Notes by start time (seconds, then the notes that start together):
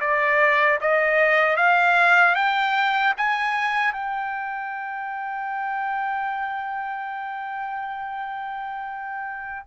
0.00 D5
0.80 D#5
1.56 F5
2.35 G5
3.17 G#5
3.92 G5